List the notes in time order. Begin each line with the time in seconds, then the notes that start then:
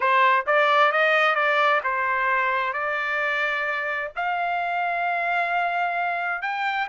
0.00 C5
0.46 D5
0.92 D#5
1.35 D5
1.83 C5
2.73 D5
4.16 F5
6.41 G5